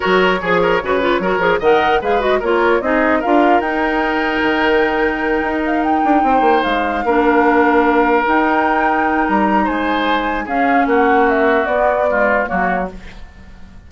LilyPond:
<<
  \new Staff \with { instrumentName = "flute" } { \time 4/4 \tempo 4 = 149 cis''1 | fis''4 f''8 dis''8 cis''4 dis''4 | f''4 g''2.~ | g''2 f''8 g''4.~ |
g''8 f''2.~ f''8~ | f''8 g''2~ g''8 ais''4 | gis''2 f''4 fis''4 | e''4 d''2 cis''4 | }
  \new Staff \with { instrumentName = "oboe" } { \time 4/4 ais'4 gis'8 ais'8 b'4 ais'4 | dis''4 b'4 ais'4 gis'4 | ais'1~ | ais'2.~ ais'8 c''8~ |
c''4. ais'2~ ais'8~ | ais'1 | c''2 gis'4 fis'4~ | fis'2 f'4 fis'4 | }
  \new Staff \with { instrumentName = "clarinet" } { \time 4/4 fis'4 gis'4 fis'8 f'8 fis'8 gis'8 | ais'4 gis'8 fis'8 f'4 dis'4 | f'4 dis'2.~ | dis'1~ |
dis'4. d'2~ d'8~ | d'8 dis'2.~ dis'8~ | dis'2 cis'2~ | cis'4 b4 gis4 ais4 | }
  \new Staff \with { instrumentName = "bassoon" } { \time 4/4 fis4 f4 cis4 fis8 f8 | dis4 gis4 ais4 c'4 | d'4 dis'2 dis4~ | dis4. dis'4. d'8 c'8 |
ais8 gis4 ais2~ ais8~ | ais8 dis'2~ dis'8 g4 | gis2 cis'4 ais4~ | ais4 b2 fis4 | }
>>